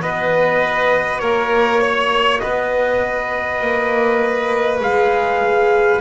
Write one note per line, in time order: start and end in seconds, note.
0.00 1.22 B3
0.00 4.80 F#4
0.00 1.21 B4
0.00 1.19 D#5
1.19 2.42 A#3
1.19 1.81 A#4
1.19 2.39 C#5
1.81 2.41 C#5
2.40 3.61 B3
2.40 6.01 B4
2.40 4.80 D#5
3.61 4.81 A#3
4.80 6.01 G#3
4.80 6.00 G#4
4.80 6.01 F5